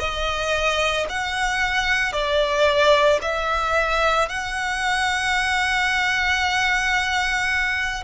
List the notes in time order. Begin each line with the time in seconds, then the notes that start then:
0.00 D#5
1.10 F#5
2.13 D5
3.22 E5
4.29 F#5